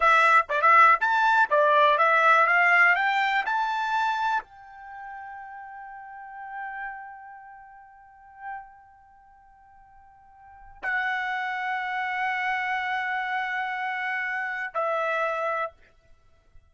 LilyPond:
\new Staff \with { instrumentName = "trumpet" } { \time 4/4 \tempo 4 = 122 e''4 d''16 e''8. a''4 d''4 | e''4 f''4 g''4 a''4~ | a''4 g''2.~ | g''1~ |
g''1~ | g''2 fis''2~ | fis''1~ | fis''2 e''2 | }